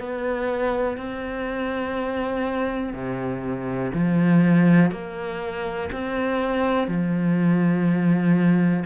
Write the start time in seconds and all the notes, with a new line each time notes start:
0.00 B3
0.97 C4
2.93 C3
3.94 F3
4.92 A#3
5.92 C4
6.88 F3